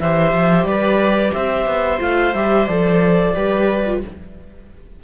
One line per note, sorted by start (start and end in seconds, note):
0.00 0.33 E3
0.00 1.99 G4
0.00 0.68 C5
0.00 0.65 E5
0.33 0.64 F3
0.64 1.31 G3
0.64 1.34 B4
0.64 1.32 D5
1.33 1.66 C4
1.33 3.35 C5
1.33 2.00 E5
1.66 2.00 B3
1.99 2.34 A3
1.99 2.32 F4
1.99 2.34 F5
2.34 2.67 G3
2.34 2.69 G4
2.34 2.67 E5
2.67 3.35 F3
2.67 3.34 A4
2.67 4.00 D5
3.34 4.03 G3
3.34 3.84 G4
3.34 4.01 B4
3.86 4.03 F4